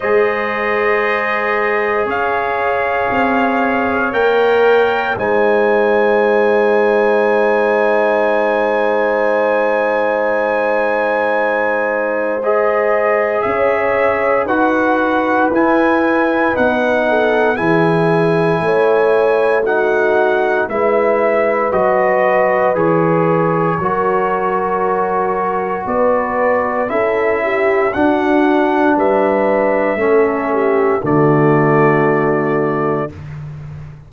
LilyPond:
<<
  \new Staff \with { instrumentName = "trumpet" } { \time 4/4 \tempo 4 = 58 dis''2 f''2 | g''4 gis''2.~ | gis''1 | dis''4 e''4 fis''4 gis''4 |
fis''4 gis''2 fis''4 | e''4 dis''4 cis''2~ | cis''4 d''4 e''4 fis''4 | e''2 d''2 | }
  \new Staff \with { instrumentName = "horn" } { \time 4/4 c''2 cis''2~ | cis''4 c''2.~ | c''1~ | c''4 cis''4 b'2~ |
b'8 a'8 gis'4 cis''4 fis'4 | b'2. ais'4~ | ais'4 b'4 a'8 g'8 fis'4 | b'4 a'8 g'8 fis'2 | }
  \new Staff \with { instrumentName = "trombone" } { \time 4/4 gis'1 | ais'4 dis'2.~ | dis'1 | gis'2 fis'4 e'4 |
dis'4 e'2 dis'4 | e'4 fis'4 gis'4 fis'4~ | fis'2 e'4 d'4~ | d'4 cis'4 a2 | }
  \new Staff \with { instrumentName = "tuba" } { \time 4/4 gis2 cis'4 c'4 | ais4 gis2.~ | gis1~ | gis4 cis'4 dis'4 e'4 |
b4 e4 a2 | gis4 fis4 e4 fis4~ | fis4 b4 cis'4 d'4 | g4 a4 d2 | }
>>